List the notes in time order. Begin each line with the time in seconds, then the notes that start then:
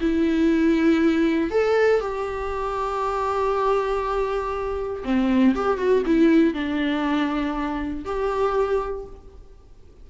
0.00 E4
1.50 A4
2.00 G4
5.04 C4
5.55 G4
5.77 F#4
6.05 E4
6.53 D4
8.05 G4